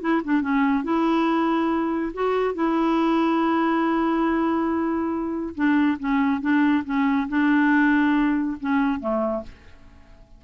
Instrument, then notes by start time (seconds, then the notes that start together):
clarinet
0.00 E4
0.24 D4
0.41 C#4
0.84 E4
2.14 F#4
2.54 E4
5.55 D4
5.99 C#4
6.41 D4
6.84 C#4
7.28 D4
8.60 C#4
9.00 A3